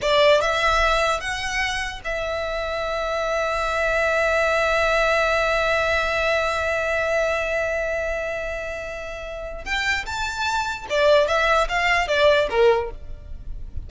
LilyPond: \new Staff \with { instrumentName = "violin" } { \time 4/4 \tempo 4 = 149 d''4 e''2 fis''4~ | fis''4 e''2.~ | e''1~ | e''1~ |
e''1~ | e''1 | g''4 a''2 d''4 | e''4 f''4 d''4 ais'4 | }